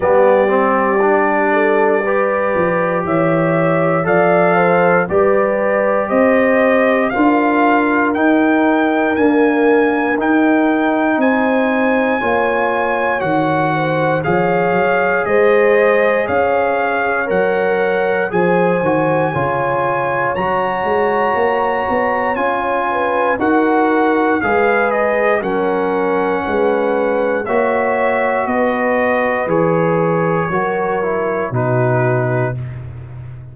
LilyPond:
<<
  \new Staff \with { instrumentName = "trumpet" } { \time 4/4 \tempo 4 = 59 d''2. e''4 | f''4 d''4 dis''4 f''4 | g''4 gis''4 g''4 gis''4~ | gis''4 fis''4 f''4 dis''4 |
f''4 fis''4 gis''2 | ais''2 gis''4 fis''4 | f''8 dis''8 fis''2 e''4 | dis''4 cis''2 b'4 | }
  \new Staff \with { instrumentName = "horn" } { \time 4/4 g'4. a'8 b'4 cis''4 | d''8 c''8 b'4 c''4 ais'4~ | ais'2. c''4 | cis''4. c''8 cis''4 c''4 |
cis''2 c''4 cis''4~ | cis''2~ cis''8 b'8 ais'4 | b'4 ais'4 b'4 cis''4 | b'2 ais'4 fis'4 | }
  \new Staff \with { instrumentName = "trombone" } { \time 4/4 b8 c'8 d'4 g'2 | a'4 g'2 f'4 | dis'4 ais4 dis'2 | f'4 fis'4 gis'2~ |
gis'4 ais'4 gis'8 fis'8 f'4 | fis'2 f'4 fis'4 | gis'4 cis'2 fis'4~ | fis'4 gis'4 fis'8 e'8 dis'4 | }
  \new Staff \with { instrumentName = "tuba" } { \time 4/4 g2~ g8 f8 e4 | f4 g4 c'4 d'4 | dis'4 d'4 dis'4 c'4 | ais4 dis4 f8 fis8 gis4 |
cis'4 fis4 f8 dis8 cis4 | fis8 gis8 ais8 b8 cis'4 dis'4 | gis4 fis4 gis4 ais4 | b4 e4 fis4 b,4 | }
>>